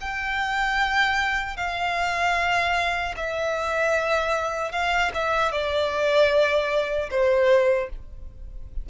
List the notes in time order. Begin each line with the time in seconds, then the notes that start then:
0.00 G5
1.56 F5
3.16 E5
4.72 F5
5.14 E5
5.52 D5
7.10 C5